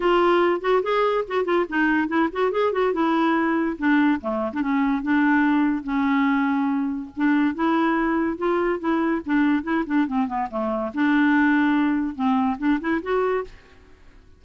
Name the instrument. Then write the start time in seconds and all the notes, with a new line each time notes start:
clarinet
0.00 F4
0.60 F#4
0.83 G#4
1.27 F#4
1.44 F4
1.69 D#4
2.08 E4
2.32 F#4
2.51 G#4
2.72 F#4
2.93 E4
3.78 D4
4.21 A3
4.53 D4
4.61 C#4
5.02 D4
5.83 C#4
7.16 D4
7.54 E4
8.37 F4
8.79 E4
9.25 D4
9.63 E4
9.86 D4
10.07 C4
10.27 B3
10.50 A3
10.93 D4
12.15 C4
12.58 D4
12.80 E4
13.02 F#4